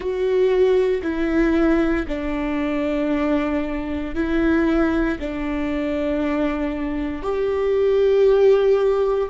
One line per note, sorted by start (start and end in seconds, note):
0.00 1.01 F#4
1.02 2.05 E4
2.07 4.14 D4
4.14 5.18 E4
5.19 7.22 D4
7.22 9.29 G4